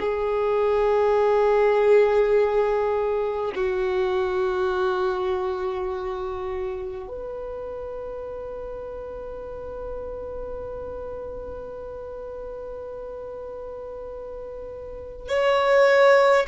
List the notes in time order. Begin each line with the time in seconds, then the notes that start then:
0.00 G#4
3.56 F#4
7.08 B4
15.28 C#5